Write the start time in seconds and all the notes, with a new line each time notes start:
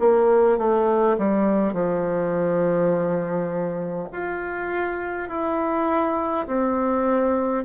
0.00 A#3
0.58 A3
1.18 G3
1.73 F3
4.13 F4
5.29 E4
6.47 C4